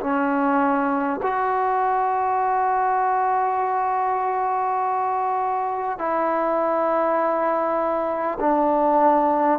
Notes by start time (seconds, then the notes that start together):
0.00 C#4
1.22 F#4
5.98 E4
8.40 D4